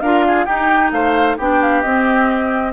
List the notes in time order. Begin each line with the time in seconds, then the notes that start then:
0.00 D4 F4 A#4 F5
0.27 G#4
0.45 D#4 G4 G5
0.91 A3 C5 F5
1.37 B3 D4 G4 G5
1.62 F5
1.81 C4 D#5